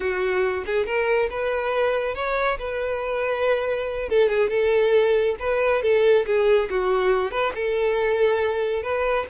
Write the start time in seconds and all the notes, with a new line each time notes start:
0.00 F#4
0.66 G#4
0.86 A#4
1.30 B4
2.14 C#5
2.58 B4
4.09 A4
4.28 G#4
4.49 A4
5.39 B4
5.82 A4
6.26 G#4
6.70 F#4
7.31 B4
7.55 A4
8.83 B4